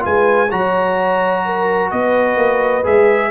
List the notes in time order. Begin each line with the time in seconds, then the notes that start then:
0.00 G#3 F4 B4 G#5
0.50 F#3 F#4 C#5 A#5
1.45 A#4
1.90 B3 B4 D#5
2.37 A#3
2.84 G#3 G#4 E5